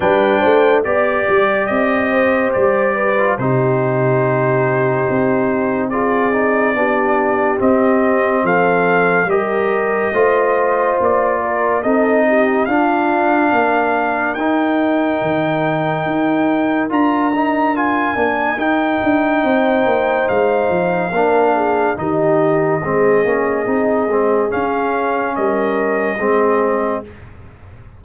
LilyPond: <<
  \new Staff \with { instrumentName = "trumpet" } { \time 4/4 \tempo 4 = 71 g''4 d''4 dis''4 d''4 | c''2. d''4~ | d''4 dis''4 f''4 dis''4~ | dis''4 d''4 dis''4 f''4~ |
f''4 g''2. | ais''4 gis''4 g''2 | f''2 dis''2~ | dis''4 f''4 dis''2 | }
  \new Staff \with { instrumentName = "horn" } { \time 4/4 b'8 c''8 d''4. c''4 b'8 | g'2. gis'4 | g'2 a'4 ais'4 | c''4. ais'8 a'8 g'8 f'4 |
ais'1~ | ais'2. c''4~ | c''4 ais'8 gis'8 g'4 gis'4~ | gis'2 ais'4 gis'4 | }
  \new Staff \with { instrumentName = "trombone" } { \time 4/4 d'4 g'2~ g'8. f'16 | dis'2. f'8 dis'8 | d'4 c'2 g'4 | f'2 dis'4 d'4~ |
d'4 dis'2. | f'8 dis'8 f'8 d'8 dis'2~ | dis'4 d'4 dis'4 c'8 cis'8 | dis'8 c'8 cis'2 c'4 | }
  \new Staff \with { instrumentName = "tuba" } { \time 4/4 g8 a8 b8 g8 c'4 g4 | c2 c'2 | b4 c'4 f4 g4 | a4 ais4 c'4 d'4 |
ais4 dis'4 dis4 dis'4 | d'4. ais8 dis'8 d'8 c'8 ais8 | gis8 f8 ais4 dis4 gis8 ais8 | c'8 gis8 cis'4 g4 gis4 | }
>>